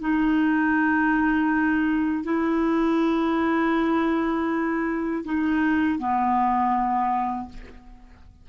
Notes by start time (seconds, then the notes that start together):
0.00 D#4
2.24 E4
5.25 D#4
5.99 B3